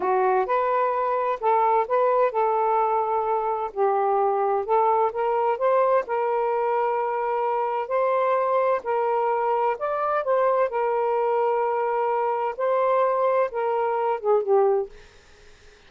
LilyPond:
\new Staff \with { instrumentName = "saxophone" } { \time 4/4 \tempo 4 = 129 fis'4 b'2 a'4 | b'4 a'2. | g'2 a'4 ais'4 | c''4 ais'2.~ |
ais'4 c''2 ais'4~ | ais'4 d''4 c''4 ais'4~ | ais'2. c''4~ | c''4 ais'4. gis'8 g'4 | }